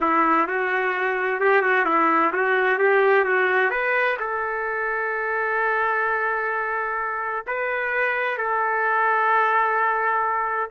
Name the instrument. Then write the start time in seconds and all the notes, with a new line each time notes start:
trumpet
0.00 E4
0.47 F#4
1.40 G4
1.62 F#4
1.85 E4
2.32 F#4
2.78 G4
3.25 F#4
3.70 B4
4.19 A4
7.47 B4
8.37 A4